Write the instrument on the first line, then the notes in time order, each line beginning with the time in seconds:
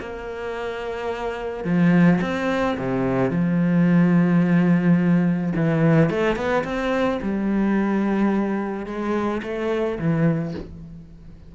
cello
0.00 A#3
1.64 F3
2.21 C4
2.77 C3
3.30 F3
5.56 E3
6.10 A3
6.36 B3
6.64 C4
7.22 G3
8.86 G#3
9.43 A3
9.99 E3